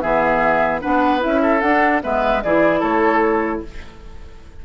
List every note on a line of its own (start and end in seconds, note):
0.00 0.83 E3
0.00 0.81 B3
0.00 0.81 G#4
0.00 0.80 E5
0.81 1.24 B3
0.81 1.20 D4
0.81 1.41 B4
0.81 1.21 F#5
1.20 1.62 C#4
1.20 1.60 E4
1.20 1.60 E5
1.42 2.02 A4
1.60 2.02 D4
1.60 2.01 D4
1.60 2.00 F#5
2.01 2.44 G#3
2.01 2.41 B3
2.01 2.43 B4
2.01 2.43 E5
2.43 2.82 E3
2.43 3.65 E4
2.43 2.79 G#4
2.43 2.82 D5
2.79 3.62 A3
2.79 3.59 A4
2.79 3.62 C#5